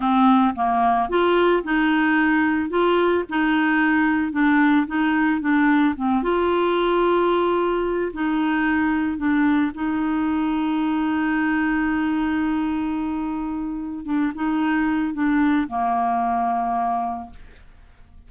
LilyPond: \new Staff \with { instrumentName = "clarinet" } { \time 4/4 \tempo 4 = 111 c'4 ais4 f'4 dis'4~ | dis'4 f'4 dis'2 | d'4 dis'4 d'4 c'8 f'8~ | f'2. dis'4~ |
dis'4 d'4 dis'2~ | dis'1~ | dis'2 d'8 dis'4. | d'4 ais2. | }